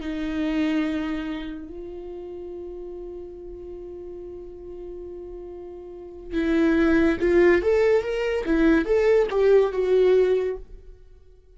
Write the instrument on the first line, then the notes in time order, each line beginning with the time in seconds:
viola
0.00 D#4
1.68 F4
6.33 E4
7.20 F4
7.62 A4
8.02 A#4
8.45 E4
8.85 A4
9.30 G4
9.72 F#4